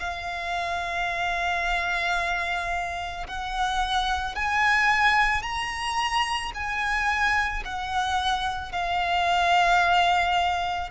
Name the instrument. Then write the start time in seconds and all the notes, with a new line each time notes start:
violin
0.00 F5
3.28 F#5
4.35 G#5
5.42 A#5
6.55 G#5
7.65 F#5
8.72 F5